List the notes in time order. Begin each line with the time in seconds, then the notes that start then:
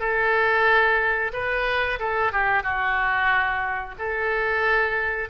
0.00 A4
1.33 B4
2.00 A4
2.32 G4
2.63 F#4
3.99 A4